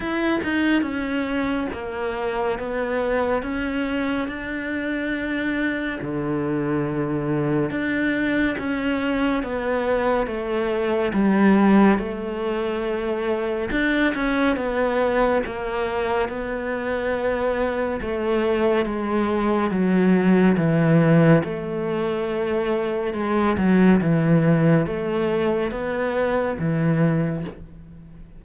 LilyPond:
\new Staff \with { instrumentName = "cello" } { \time 4/4 \tempo 4 = 70 e'8 dis'8 cis'4 ais4 b4 | cis'4 d'2 d4~ | d4 d'4 cis'4 b4 | a4 g4 a2 |
d'8 cis'8 b4 ais4 b4~ | b4 a4 gis4 fis4 | e4 a2 gis8 fis8 | e4 a4 b4 e4 | }